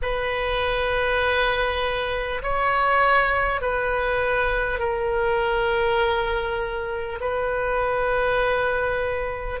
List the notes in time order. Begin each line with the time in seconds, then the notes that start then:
0.02 B4
2.42 C#5
3.61 B4
4.79 A#4
7.20 B4